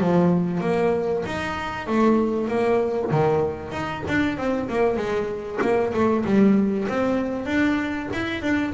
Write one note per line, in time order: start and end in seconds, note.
0.00 0.61 F3
0.61 1.23 A#3
1.25 1.87 D#4
1.87 2.48 A3
2.48 3.10 A#3
3.11 3.72 D#3
3.72 4.03 D#4
4.07 4.37 D4
4.37 4.68 C4
4.69 4.96 A#3
4.96 5.59 G#3
5.61 5.92 A#3
5.93 6.24 A3
6.25 6.87 G3
6.88 7.45 C4
7.45 8.08 D4
8.13 8.42 E4
8.42 8.73 D4